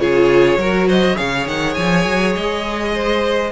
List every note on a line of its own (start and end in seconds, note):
0.00 0.57 C#3
0.00 0.59 F4
0.00 0.60 G#4
0.00 0.89 C#5
0.57 1.16 F#3
0.57 1.17 F#4
0.57 0.88 A#4
0.88 1.16 C5
0.88 1.18 D#5
1.16 1.47 C#3
1.16 3.52 G#4
1.16 2.93 C#5
1.16 1.47 F5
1.47 1.77 D#3
1.47 1.74 F#5
1.74 2.06 F3
1.74 2.33 G#5
2.06 2.36 F#3
2.36 3.52 G#3
2.36 3.52 D#5
2.94 3.52 C5